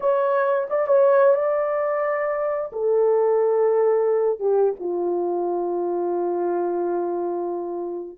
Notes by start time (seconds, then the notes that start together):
0.00 C#5
0.70 D5
0.87 C#5
1.35 D5
2.72 A4
4.39 G4
4.79 F4